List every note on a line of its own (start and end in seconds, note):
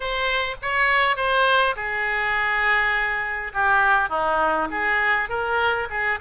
0.00 0.55 C5
0.62 1.16 C#5
1.16 1.75 C5
1.76 3.52 G#4
3.53 4.09 G4
4.09 4.68 D#4
4.70 5.29 G#4
5.29 5.88 A#4
5.90 6.19 G#4